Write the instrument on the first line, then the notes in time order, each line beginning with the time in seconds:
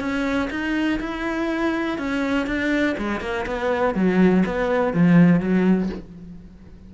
cello
0.00 C#4
0.51 D#4
1.00 E4
1.99 C#4
2.47 D4
2.98 G#3
3.21 A#3
3.46 B3
3.95 F#3
4.46 B3
4.94 F3
5.41 F#3